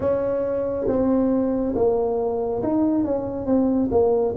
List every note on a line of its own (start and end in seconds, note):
0.00 0.86 C#4
0.87 1.74 C4
1.75 2.62 A#3
2.62 3.04 D#4
3.04 3.46 C#4
3.46 3.89 C4
3.91 4.34 A#3